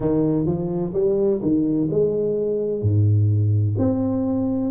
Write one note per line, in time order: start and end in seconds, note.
0.00 0.46 D#3
0.46 0.92 F3
0.93 1.40 G3
1.41 1.88 D#3
1.90 2.82 G#3
2.82 3.75 G#2
3.78 4.70 C4